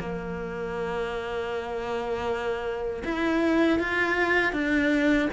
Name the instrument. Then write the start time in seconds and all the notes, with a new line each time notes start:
cello
0.00 A#3
3.05 E4
3.79 F4
4.53 D4